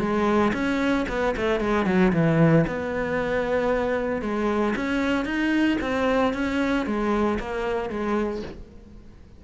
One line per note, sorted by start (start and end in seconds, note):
0.00 0.53 G#3
0.54 1.06 C#4
1.09 1.35 B3
1.37 1.61 A3
1.61 1.86 G#3
1.86 2.12 F#3
2.13 2.66 E3
2.67 4.22 B3
4.22 4.75 G#3
4.76 5.26 C#4
5.26 5.78 D#4
5.81 6.34 C4
6.34 6.86 C#4
6.86 7.39 G#3
7.40 7.90 A#3
7.90 8.43 G#3